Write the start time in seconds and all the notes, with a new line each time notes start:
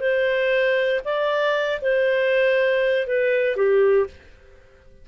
0.00 C5
1.05 D5
1.81 C5
3.07 B4
3.57 G4